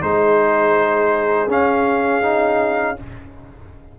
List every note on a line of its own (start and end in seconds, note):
0.00 1.47 G#3
0.00 1.48 D#4
0.00 2.99 G#4
0.00 1.50 C5
1.47 2.95 C#4
1.47 2.22 C#4
1.47 2.99 F5
2.22 2.96 D#4